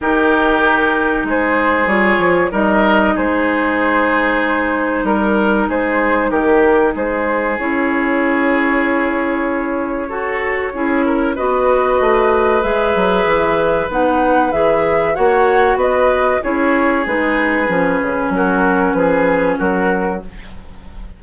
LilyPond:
<<
  \new Staff \with { instrumentName = "flute" } { \time 4/4 \tempo 4 = 95 ais'2 c''4 cis''4 | dis''4 c''2. | ais'4 c''4 ais'4 c''4 | cis''1~ |
cis''2 dis''2 | e''2 fis''4 e''4 | fis''4 dis''4 cis''4 b'4~ | b'4 ais'4 b'4 ais'4 | }
  \new Staff \with { instrumentName = "oboe" } { \time 4/4 g'2 gis'2 | ais'4 gis'2. | ais'4 gis'4 g'4 gis'4~ | gis'1 |
a'4 gis'8 ais'8 b'2~ | b'1 | cis''4 b'4 gis'2~ | gis'4 fis'4 gis'4 fis'4 | }
  \new Staff \with { instrumentName = "clarinet" } { \time 4/4 dis'2. f'4 | dis'1~ | dis'1 | e'1 |
fis'4 e'4 fis'2 | gis'2 dis'4 gis'4 | fis'2 e'4 dis'4 | cis'1 | }
  \new Staff \with { instrumentName = "bassoon" } { \time 4/4 dis2 gis4 g8 f8 | g4 gis2. | g4 gis4 dis4 gis4 | cis'1 |
fis'4 cis'4 b4 a4 | gis8 fis8 e4 b4 e4 | ais4 b4 cis'4 gis4 | f8 cis8 fis4 f4 fis4 | }
>>